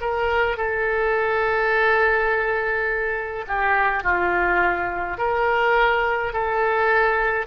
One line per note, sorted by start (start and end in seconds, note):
0.00 0.57 A#4
0.57 3.45 A4
3.47 4.03 G4
4.03 5.18 F4
5.18 6.33 A#4
6.33 7.46 A4